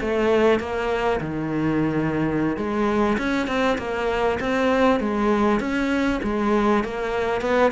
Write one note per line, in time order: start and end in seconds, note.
0.00 0.60 A3
0.60 1.20 A#3
1.20 2.56 D#3
2.56 3.17 G#3
3.18 3.47 C#4
3.47 3.77 C4
3.78 4.39 A#3
4.40 5.00 C4
5.00 5.60 G#3
5.60 6.20 C#4
6.23 6.84 G#3
6.84 7.41 A#3
7.41 7.71 B3